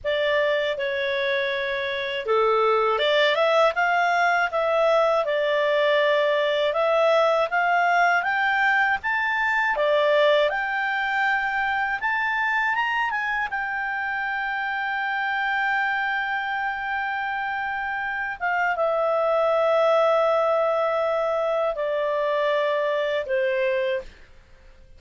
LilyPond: \new Staff \with { instrumentName = "clarinet" } { \time 4/4 \tempo 4 = 80 d''4 cis''2 a'4 | d''8 e''8 f''4 e''4 d''4~ | d''4 e''4 f''4 g''4 | a''4 d''4 g''2 |
a''4 ais''8 gis''8 g''2~ | g''1~ | g''8 f''8 e''2.~ | e''4 d''2 c''4 | }